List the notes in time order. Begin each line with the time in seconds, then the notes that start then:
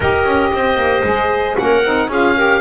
0.00 D#4 G4 A#4 D#5
0.25 C#4
0.52 C4 C5
0.76 A#3
1.03 G#3 G#4
1.56 A#3 C#4 A#4 F#5
1.84 C4 D#4
2.08 C#4 F4 G#4 F5
2.35 G4 A#4